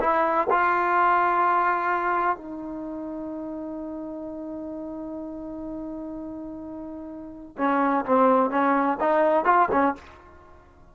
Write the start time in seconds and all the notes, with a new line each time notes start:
0.00 E4
0.50 F4
2.37 D#4
7.58 C#4
8.06 C4
8.50 C#4
9.00 D#4
9.45 F4
9.72 C#4